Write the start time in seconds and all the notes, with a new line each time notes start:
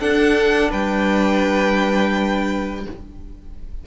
0.00 D4 A4 F#5
0.71 G3 B4 G5